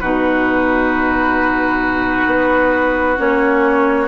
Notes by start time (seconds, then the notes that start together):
0.00 B2 D#4 F#4 B4
2.26 B3
3.17 A#3 C#4 C#5